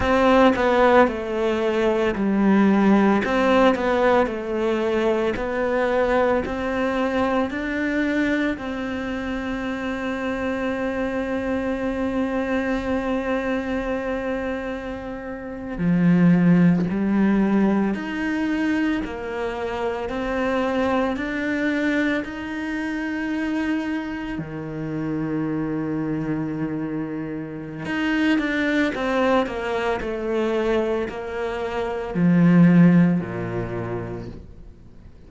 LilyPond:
\new Staff \with { instrumentName = "cello" } { \time 4/4 \tempo 4 = 56 c'8 b8 a4 g4 c'8 b8 | a4 b4 c'4 d'4 | c'1~ | c'2~ c'8. f4 g16~ |
g8. dis'4 ais4 c'4 d'16~ | d'8. dis'2 dis4~ dis16~ | dis2 dis'8 d'8 c'8 ais8 | a4 ais4 f4 ais,4 | }